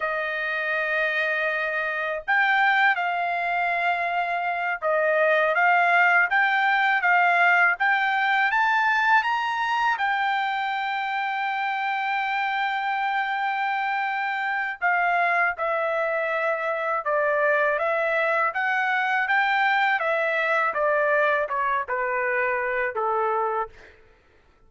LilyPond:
\new Staff \with { instrumentName = "trumpet" } { \time 4/4 \tempo 4 = 81 dis''2. g''4 | f''2~ f''8 dis''4 f''8~ | f''8 g''4 f''4 g''4 a''8~ | a''8 ais''4 g''2~ g''8~ |
g''1 | f''4 e''2 d''4 | e''4 fis''4 g''4 e''4 | d''4 cis''8 b'4. a'4 | }